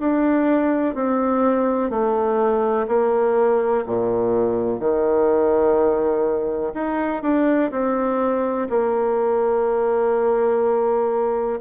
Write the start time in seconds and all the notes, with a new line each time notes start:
0.00 D4
0.95 C4
1.90 A3
2.88 A#3
3.87 A#2
4.80 D#3
6.74 D#4
7.23 D4
7.72 C4
8.70 A#3